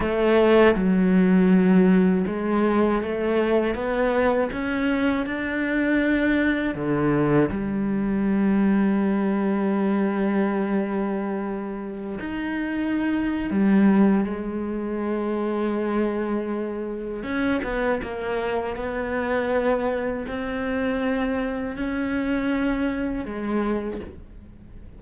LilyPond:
\new Staff \with { instrumentName = "cello" } { \time 4/4 \tempo 4 = 80 a4 fis2 gis4 | a4 b4 cis'4 d'4~ | d'4 d4 g2~ | g1~ |
g16 dis'4.~ dis'16 g4 gis4~ | gis2. cis'8 b8 | ais4 b2 c'4~ | c'4 cis'2 gis4 | }